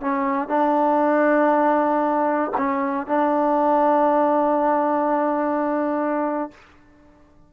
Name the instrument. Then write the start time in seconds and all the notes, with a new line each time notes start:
trombone
0.00 C#4
0.48 D4
2.57 C#4
3.07 D4